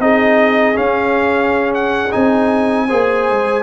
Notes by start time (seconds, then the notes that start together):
0.00 C4 D#4 G#4 D#5
0.75 C#4 F5
1.75 F#5
2.12 C4 D#4 G#5
2.88 A#3 G#4 C5
3.30 G#3